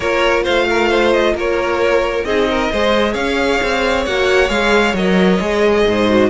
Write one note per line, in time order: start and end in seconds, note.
0.00 0.45 A#3
0.00 2.25 F4
0.00 0.43 A#4
0.00 0.44 C#5
0.43 1.34 A3
0.43 0.66 C5
0.43 1.12 F5
0.69 0.88 A#4
0.88 1.34 C5
1.12 1.35 D#5
1.34 2.24 A#3
1.34 2.26 A#4
1.34 2.24 C#5
2.24 2.69 C4
2.24 2.71 D#4
2.24 2.48 G#4
2.24 3.14 D#5
2.50 2.71 A#4
2.71 3.14 G#3
2.71 4.07 G#4
2.71 3.12 C5
3.12 3.59 C#4
3.12 5.83 C#5
3.12 4.04 F5
3.62 4.06 C4
4.05 4.49 A#3
4.05 4.48 F#4
4.05 4.49 F#5
4.48 4.93 G#3
4.48 4.93 G#4
4.48 4.94 F5
4.93 5.38 F#3
4.93 5.40 A#4
4.93 6.30 D#5
5.39 5.85 G#3
5.39 6.08 G#4
5.86 6.30 G#2
5.86 6.30 C5
6.08 6.30 F#4